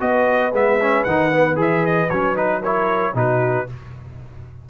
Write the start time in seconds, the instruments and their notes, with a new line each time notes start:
0.00 tuba B3, trombone F#4, horn B4, trumpet D#5
0.53 tuba G#3, trombone B3, trumpet E5
0.81 trombone C#4
1.04 tuba D#3, trombone D#4, trumpet F#5
1.32 trombone B3
1.56 tuba E3, trombone G#4, trumpet E5
1.86 trumpet D#5
2.10 tuba F#3, trombone C#4, trumpet C#5
2.36 trombone D#4, trumpet B4
2.62 trombone E4, horn A#4, trumpet C#5
3.15 tuba B2, trombone D#4, horn F#4, trumpet B4